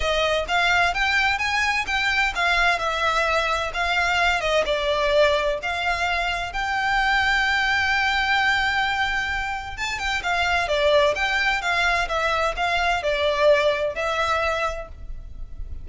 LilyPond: \new Staff \with { instrumentName = "violin" } { \time 4/4 \tempo 4 = 129 dis''4 f''4 g''4 gis''4 | g''4 f''4 e''2 | f''4. dis''8 d''2 | f''2 g''2~ |
g''1~ | g''4 a''8 g''8 f''4 d''4 | g''4 f''4 e''4 f''4 | d''2 e''2 | }